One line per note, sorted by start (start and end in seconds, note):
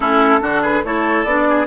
0.00 0.41 A3
0.00 0.41 C#4
0.00 0.40 E4
0.00 0.63 A4
0.41 0.84 D3
0.41 0.83 D4
0.41 0.62 F#4
0.62 0.83 G#4
0.62 0.84 B4
0.84 1.24 A3
0.84 1.26 E4
0.84 1.48 A4
0.84 1.24 C#5
1.24 1.66 B3
1.24 1.66 D4
1.24 1.66 D5
1.48 1.66 G#4